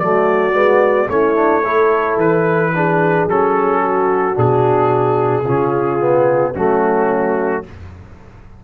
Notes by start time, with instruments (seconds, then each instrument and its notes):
0.00 tuba F#3, trombone A3, horn F#4, trumpet D5
0.52 tuba G#3, trombone B3
1.09 tuba A3, trombone C#4, horn E4, trumpet C#5
1.35 trombone D4
1.64 trombone E4, horn A4
2.17 tuba E3, trumpet B4
2.75 trombone D4, horn G#4
3.27 tuba F#3, trombone C#4, trumpet A4
3.82 horn F#4
4.35 tuba B2, trombone D4, trumpet G#4
5.45 tuba C#3, trombone C#4, horn F4
6.00 trombone B3
6.55 tuba F#3, trombone A3, horn C#4, trumpet F#4